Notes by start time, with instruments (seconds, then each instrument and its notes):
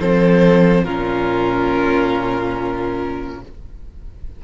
0.00 cello F3, viola C4, violin A4 C5
0.84 cello A#2, viola C#4, violin F4 A#4